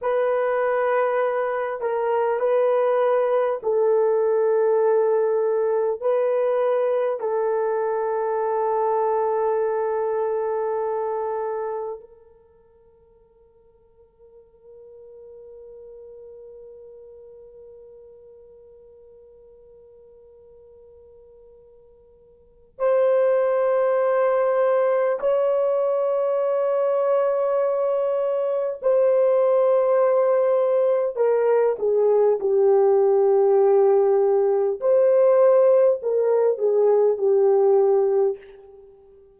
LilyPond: \new Staff \with { instrumentName = "horn" } { \time 4/4 \tempo 4 = 50 b'4. ais'8 b'4 a'4~ | a'4 b'4 a'2~ | a'2 ais'2~ | ais'1~ |
ais'2. c''4~ | c''4 cis''2. | c''2 ais'8 gis'8 g'4~ | g'4 c''4 ais'8 gis'8 g'4 | }